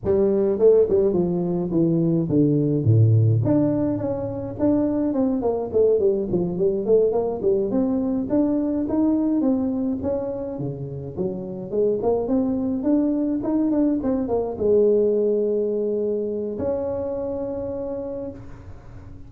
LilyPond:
\new Staff \with { instrumentName = "tuba" } { \time 4/4 \tempo 4 = 105 g4 a8 g8 f4 e4 | d4 a,4 d'4 cis'4 | d'4 c'8 ais8 a8 g8 f8 g8 | a8 ais8 g8 c'4 d'4 dis'8~ |
dis'8 c'4 cis'4 cis4 fis8~ | fis8 gis8 ais8 c'4 d'4 dis'8 | d'8 c'8 ais8 gis2~ gis8~ | gis4 cis'2. | }